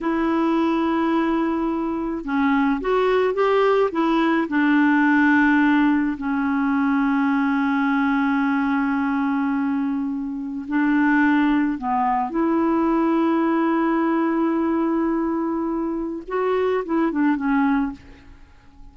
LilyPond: \new Staff \with { instrumentName = "clarinet" } { \time 4/4 \tempo 4 = 107 e'1 | cis'4 fis'4 g'4 e'4 | d'2. cis'4~ | cis'1~ |
cis'2. d'4~ | d'4 b4 e'2~ | e'1~ | e'4 fis'4 e'8 d'8 cis'4 | }